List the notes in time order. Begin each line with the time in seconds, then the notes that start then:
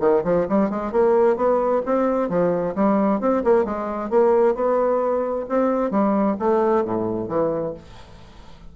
0.00 D#3
0.24 F3
0.49 G3
0.70 G#3
0.92 A#3
1.36 B3
1.86 C4
2.30 F3
2.75 G3
3.20 C4
3.44 A#3
3.65 G#3
4.10 A#3
4.55 B3
5.49 C4
5.91 G3
6.39 A3
6.85 A2
7.28 E3